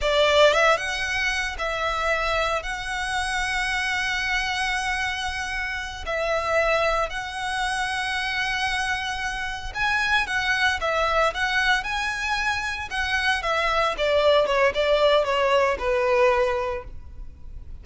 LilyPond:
\new Staff \with { instrumentName = "violin" } { \time 4/4 \tempo 4 = 114 d''4 e''8 fis''4. e''4~ | e''4 fis''2.~ | fis''2.~ fis''8 e''8~ | e''4. fis''2~ fis''8~ |
fis''2~ fis''8 gis''4 fis''8~ | fis''8 e''4 fis''4 gis''4.~ | gis''8 fis''4 e''4 d''4 cis''8 | d''4 cis''4 b'2 | }